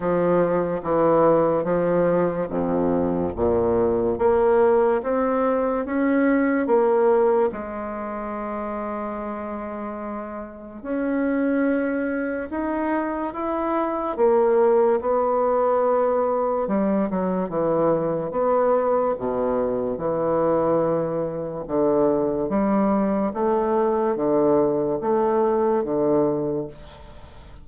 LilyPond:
\new Staff \with { instrumentName = "bassoon" } { \time 4/4 \tempo 4 = 72 f4 e4 f4 f,4 | ais,4 ais4 c'4 cis'4 | ais4 gis2.~ | gis4 cis'2 dis'4 |
e'4 ais4 b2 | g8 fis8 e4 b4 b,4 | e2 d4 g4 | a4 d4 a4 d4 | }